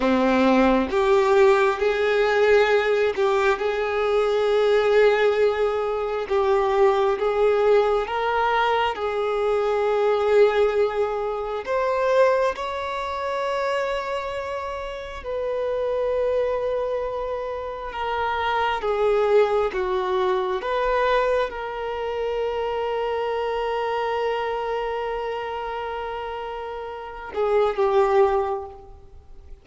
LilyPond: \new Staff \with { instrumentName = "violin" } { \time 4/4 \tempo 4 = 67 c'4 g'4 gis'4. g'8 | gis'2. g'4 | gis'4 ais'4 gis'2~ | gis'4 c''4 cis''2~ |
cis''4 b'2. | ais'4 gis'4 fis'4 b'4 | ais'1~ | ais'2~ ais'8 gis'8 g'4 | }